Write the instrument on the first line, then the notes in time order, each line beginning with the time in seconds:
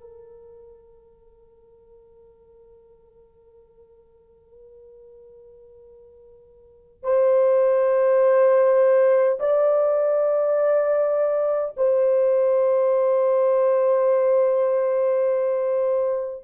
horn
0.00 A#4
7.03 C5
9.39 D5
11.76 C5